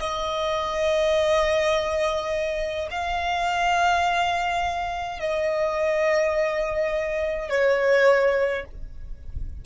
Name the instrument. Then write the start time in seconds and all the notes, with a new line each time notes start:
violin
0.00 D#5
2.91 F5
5.20 D#5
7.49 C#5